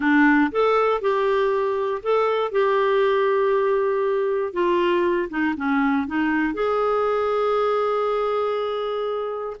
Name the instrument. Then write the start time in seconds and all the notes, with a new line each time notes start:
clarinet
0.00 D4
0.51 A4
1.01 G4
2.02 A4
2.51 G4
4.53 F4
5.29 D#4
5.56 C#4
6.07 D#4
6.54 G#4